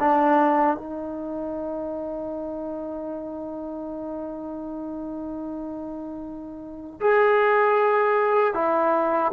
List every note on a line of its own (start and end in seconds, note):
0.00 0.77 D4
0.77 7.01 D#4
7.01 8.54 G#4
8.54 9.32 E4